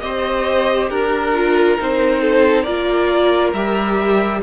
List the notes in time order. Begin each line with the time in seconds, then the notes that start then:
0.00 C4 G4 C5 D#5
0.90 D4 A#4
1.34 F4
1.78 C4 D#4 C5
2.21 A4
2.63 A#3 F4 A#4 D5
3.53 G3 G4 E5